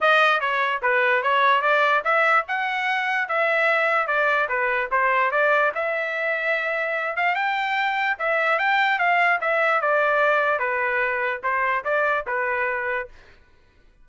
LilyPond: \new Staff \with { instrumentName = "trumpet" } { \time 4/4 \tempo 4 = 147 dis''4 cis''4 b'4 cis''4 | d''4 e''4 fis''2 | e''2 d''4 b'4 | c''4 d''4 e''2~ |
e''4. f''8 g''2 | e''4 g''4 f''4 e''4 | d''2 b'2 | c''4 d''4 b'2 | }